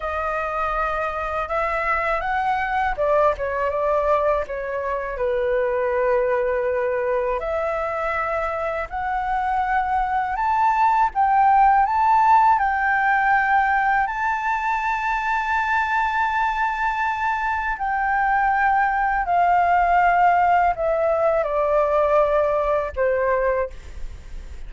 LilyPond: \new Staff \with { instrumentName = "flute" } { \time 4/4 \tempo 4 = 81 dis''2 e''4 fis''4 | d''8 cis''8 d''4 cis''4 b'4~ | b'2 e''2 | fis''2 a''4 g''4 |
a''4 g''2 a''4~ | a''1 | g''2 f''2 | e''4 d''2 c''4 | }